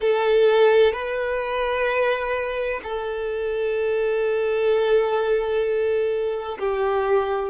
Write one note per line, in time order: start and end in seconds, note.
0.00 0.92 A4
0.92 2.80 B4
2.83 6.58 A4
6.59 7.49 G4